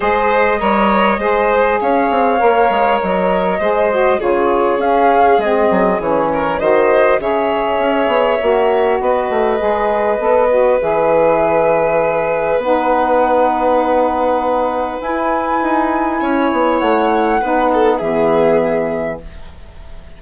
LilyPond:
<<
  \new Staff \with { instrumentName = "flute" } { \time 4/4 \tempo 4 = 100 dis''2. f''4~ | f''4 dis''2 cis''4 | f''4 dis''4 cis''4 dis''4 | e''2. dis''4~ |
dis''2 e''2~ | e''4 fis''2.~ | fis''4 gis''2. | fis''2 e''2 | }
  \new Staff \with { instrumentName = "violin" } { \time 4/4 c''4 cis''4 c''4 cis''4~ | cis''2 c''4 gis'4~ | gis'2~ gis'8 ais'8 c''4 | cis''2. b'4~ |
b'1~ | b'1~ | b'2. cis''4~ | cis''4 b'8 a'8 gis'2 | }
  \new Staff \with { instrumentName = "saxophone" } { \time 4/4 gis'4 ais'4 gis'2 | ais'2 gis'8 fis'8 f'4 | cis'4 c'4 cis'4 fis'4 | gis'2 fis'2 |
gis'4 a'8 fis'8 gis'2~ | gis'4 dis'2.~ | dis'4 e'2.~ | e'4 dis'4 b2 | }
  \new Staff \with { instrumentName = "bassoon" } { \time 4/4 gis4 g4 gis4 cis'8 c'8 | ais8 gis8 fis4 gis4 cis4 | cis'4 gis8 fis8 e4 dis4 | cis4 cis'8 b8 ais4 b8 a8 |
gis4 b4 e2~ | e4 b2.~ | b4 e'4 dis'4 cis'8 b8 | a4 b4 e2 | }
>>